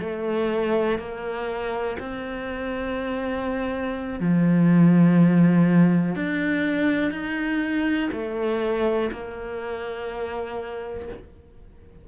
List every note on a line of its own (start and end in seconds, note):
0.00 0.98 A3
0.98 1.97 A#3
1.99 4.19 C4
4.19 6.15 F3
6.15 7.11 D4
7.11 8.09 D#4
8.12 9.10 A3
9.11 11.08 A#3